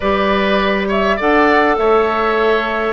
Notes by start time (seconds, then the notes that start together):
0.00 G3 G4 B4 D5
0.88 C#5 E5
1.16 D4 A4 D5 F#5
1.77 A3 C#5 E5